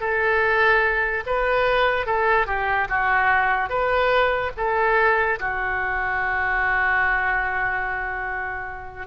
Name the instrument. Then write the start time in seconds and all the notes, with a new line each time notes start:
oboe
0.00 A4
1.26 B4
2.06 A4
2.46 G4
2.89 F#4
3.69 B4
4.57 A4
5.39 F#4